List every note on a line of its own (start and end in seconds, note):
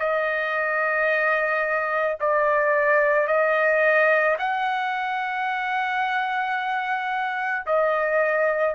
0.00 2.18 D#5
2.21 3.28 D5
3.28 4.37 D#5
4.39 7.66 F#5
7.67 8.75 D#5